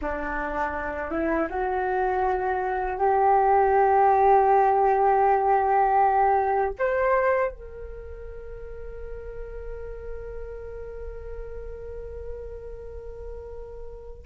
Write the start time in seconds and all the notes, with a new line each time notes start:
0.01 D4
1.10 E4
1.49 F#4
2.98 G4
6.79 C5
7.51 A#4